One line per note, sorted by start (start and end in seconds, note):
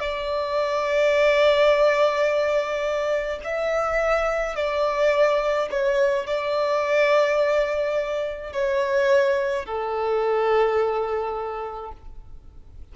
0.00 3.40 D5
3.44 4.55 E5
4.55 5.69 D5
5.70 6.26 C#5
6.26 8.53 D5
8.53 9.65 C#5
9.65 11.92 A4